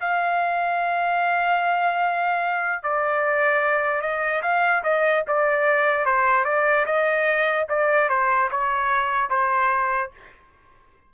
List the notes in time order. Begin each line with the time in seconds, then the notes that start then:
0.00 F5
2.83 D5
4.01 D#5
4.42 F5
4.83 D#5
5.27 D5
6.05 C5
6.45 D5
6.85 D#5
7.69 D5
8.09 C5
8.51 C#5
9.29 C5